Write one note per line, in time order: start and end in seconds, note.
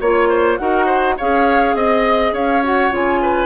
0.00 0.58 A#3
0.00 0.58 F4
0.00 0.29 C#5
0.00 0.58 C#5
0.29 0.58 C5
0.58 1.18 D#4
0.58 1.17 F#4
0.58 0.85 A#4
0.58 1.16 F#5
0.85 1.14 C5
1.17 1.74 C#4
1.17 2.63 G#4
1.17 1.75 C#5
1.17 1.75 F5
1.74 2.32 C4
1.74 2.34 D#5
1.74 2.33 D#5
2.32 2.90 C#4
2.32 3.21 C#5
2.32 2.64 F5
2.63 2.91 F#4
2.63 2.94 F#5
2.91 3.46 C#3
2.91 3.46 F4
2.91 3.46 G#5
3.22 3.46 B4